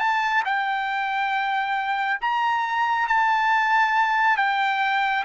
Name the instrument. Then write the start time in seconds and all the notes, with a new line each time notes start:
trumpet
0.00 A5
0.46 G5
2.21 A#5
3.08 A5
4.38 G5